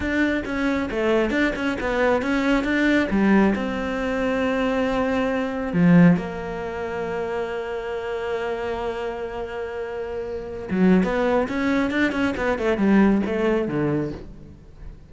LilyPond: \new Staff \with { instrumentName = "cello" } { \time 4/4 \tempo 4 = 136 d'4 cis'4 a4 d'8 cis'8 | b4 cis'4 d'4 g4 | c'1~ | c'4 f4 ais2~ |
ais1~ | ais1~ | ais16 fis8. b4 cis'4 d'8 cis'8 | b8 a8 g4 a4 d4 | }